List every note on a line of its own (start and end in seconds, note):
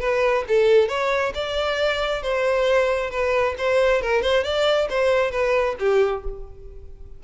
0.00 0.44 B4
0.48 0.88 A4
0.88 1.33 C#5
1.34 2.22 D5
2.22 3.11 C5
3.11 3.55 B4
3.58 4.02 C5
4.02 4.22 A#4
4.22 4.44 C5
4.44 4.88 D5
4.90 5.31 C5
5.31 5.76 B4
5.79 6.24 G4